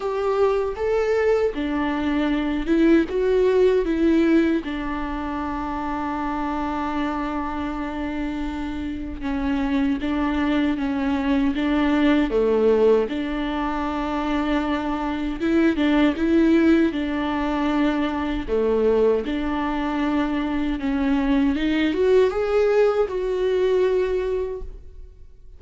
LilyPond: \new Staff \with { instrumentName = "viola" } { \time 4/4 \tempo 4 = 78 g'4 a'4 d'4. e'8 | fis'4 e'4 d'2~ | d'1 | cis'4 d'4 cis'4 d'4 |
a4 d'2. | e'8 d'8 e'4 d'2 | a4 d'2 cis'4 | dis'8 fis'8 gis'4 fis'2 | }